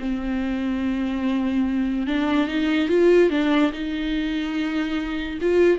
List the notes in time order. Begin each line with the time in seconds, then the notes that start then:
0.00 C4
2.07 D4
2.48 D#4
2.89 F4
3.31 D4
3.73 D#4
5.42 F4